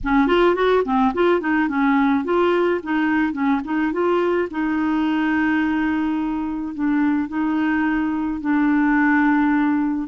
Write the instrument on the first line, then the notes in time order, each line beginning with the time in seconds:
clarinet
0.03 C#4
0.27 F4
0.55 F#4
0.84 C4
1.14 F4
1.40 D#4
1.68 C#4
2.24 F4
2.83 D#4
3.32 C#4
3.64 D#4
3.92 F4
4.50 D#4
6.74 D4
7.28 D#4
8.41 D4